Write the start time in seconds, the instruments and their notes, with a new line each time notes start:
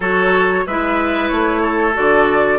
0.00 bassoon F#3, clarinet F#4, oboe A4, flute C#5
0.66 bassoon G#3, clarinet E4, oboe B4, flute E5
1.28 bassoon A3, flute C#5
1.62 oboe A4
1.93 bassoon D3, clarinet F#4, flute D5